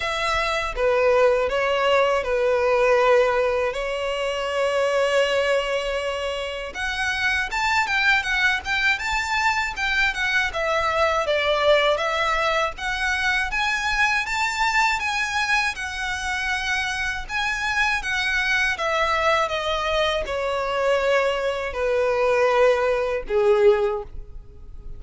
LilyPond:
\new Staff \with { instrumentName = "violin" } { \time 4/4 \tempo 4 = 80 e''4 b'4 cis''4 b'4~ | b'4 cis''2.~ | cis''4 fis''4 a''8 g''8 fis''8 g''8 | a''4 g''8 fis''8 e''4 d''4 |
e''4 fis''4 gis''4 a''4 | gis''4 fis''2 gis''4 | fis''4 e''4 dis''4 cis''4~ | cis''4 b'2 gis'4 | }